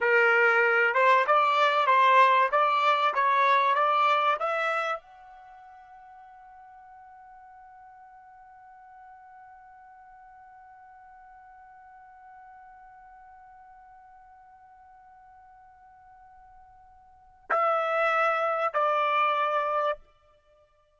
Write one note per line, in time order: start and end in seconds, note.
0.00 0.94 A#4
0.94 1.25 C5
1.26 1.86 D5
1.86 2.49 C5
2.51 3.14 D5
3.14 3.74 C#5
3.74 4.37 D5
4.39 4.99 E5
4.99 17.49 F#5
17.50 18.73 E5
18.73 19.98 D5